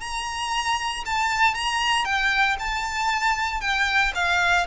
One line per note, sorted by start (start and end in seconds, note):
0.00 1.03 A#5
1.05 1.54 A5
1.54 2.04 A#5
2.04 2.56 G5
2.59 3.60 A5
3.60 4.12 G5
4.14 4.66 F5